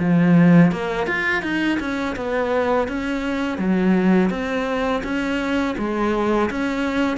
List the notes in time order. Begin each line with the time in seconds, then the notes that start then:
0.00 F3
0.72 A#3
1.07 F4
1.43 D#4
1.80 C#4
2.16 B3
2.88 C#4
3.58 F#3
4.30 C4
5.04 C#4
5.78 G#3
6.51 C#4